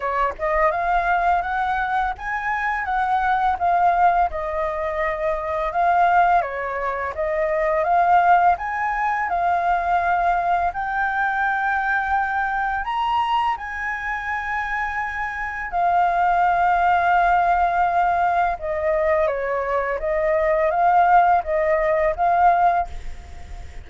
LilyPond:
\new Staff \with { instrumentName = "flute" } { \time 4/4 \tempo 4 = 84 cis''8 dis''8 f''4 fis''4 gis''4 | fis''4 f''4 dis''2 | f''4 cis''4 dis''4 f''4 | gis''4 f''2 g''4~ |
g''2 ais''4 gis''4~ | gis''2 f''2~ | f''2 dis''4 cis''4 | dis''4 f''4 dis''4 f''4 | }